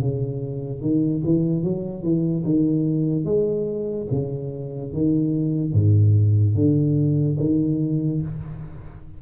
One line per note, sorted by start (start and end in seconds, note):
0.00 0.81 C#3
0.81 1.22 D#3
1.24 1.63 E3
1.63 2.02 F#3
2.02 2.44 E3
2.44 3.25 D#3
3.25 4.07 G#3
4.11 4.92 C#3
4.92 5.73 D#3
5.73 6.55 G#2
6.55 7.37 D3
7.40 8.22 D#3